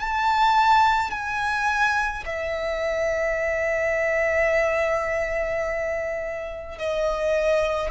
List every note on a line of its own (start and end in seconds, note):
0.00 1.11 A5
1.11 2.24 G#5
2.26 6.79 E5
6.79 7.91 D#5